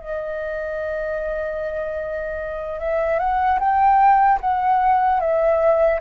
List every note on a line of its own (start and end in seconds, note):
0.00 2.79 D#5
2.79 3.19 E5
3.19 3.59 F#5
3.59 4.39 G5
4.41 5.20 F#5
5.20 6.00 E5